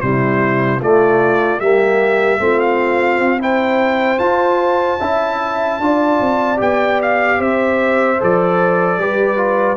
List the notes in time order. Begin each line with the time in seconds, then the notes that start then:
0.00 C3 G3 E4 C5
0.80 A3 F4 D5
1.59 G3 A#3 G4 E5
2.38 A3 C4 F4
2.60 F5
3.18 C4
3.38 E4 C5 G5
4.18 F4 A5
4.99 C#4 E4 E5
5.79 D4 F4 D5
6.20 C4
6.56 B3 G4 G5
7.02 F5
7.38 C4 C5 E5
8.20 F3 A4 D5
8.97 G3 G4 B4
9.37 F4